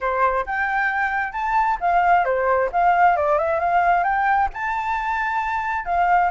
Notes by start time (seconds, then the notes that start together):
0.00 C5
0.46 G5
1.32 A5
1.80 F5
2.24 C5
2.71 F5
3.16 D5
3.38 E5
3.59 F5
4.03 G5
4.53 A5
5.85 F5